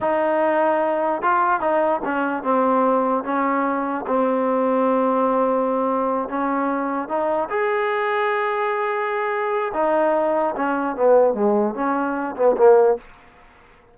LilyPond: \new Staff \with { instrumentName = "trombone" } { \time 4/4 \tempo 4 = 148 dis'2. f'4 | dis'4 cis'4 c'2 | cis'2 c'2~ | c'2.~ c'8 cis'8~ |
cis'4. dis'4 gis'4.~ | gis'1 | dis'2 cis'4 b4 | gis4 cis'4. b8 ais4 | }